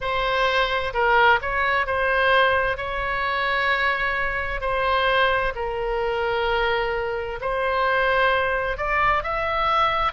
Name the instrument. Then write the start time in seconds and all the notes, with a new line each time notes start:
oboe
0.00 C5
0.93 A#4
1.41 C#5
1.86 C5
2.77 C#5
4.61 C5
5.55 A#4
7.41 C5
8.77 D5
9.23 E5